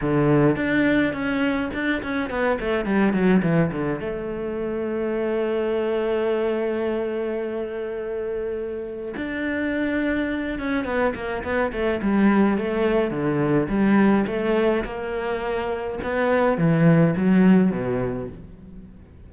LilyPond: \new Staff \with { instrumentName = "cello" } { \time 4/4 \tempo 4 = 105 d4 d'4 cis'4 d'8 cis'8 | b8 a8 g8 fis8 e8 d8 a4~ | a1~ | a1 |
d'2~ d'8 cis'8 b8 ais8 | b8 a8 g4 a4 d4 | g4 a4 ais2 | b4 e4 fis4 b,4 | }